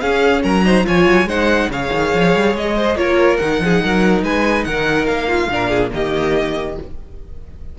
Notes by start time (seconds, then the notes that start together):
0.00 C#4 G#4 F5
0.43 F#3 A#4 A#5
0.65 D#4 C5
0.84 F3 F4 C#5 G#5
1.06 F#3
1.25 G#3 D#4 C5 F#5
1.69 C#3 G#4 C#5 F5
1.92 D#3
2.14 F3
2.35 G3
2.54 G#3 D#5
2.76 C5
2.96 A#3 F4 A#4 C#5
3.37 D#3 D#4 F#5
3.60 F3 G#4
3.83 F#3 A#4
4.23 G#3 B4 G#5
4.64 D#3 A#4 F#5
5.06 A#3 F5
5.28 F4
5.48 A#2 D4 A#4
5.69 G#4
5.91 D#3 A#3 G4 D#5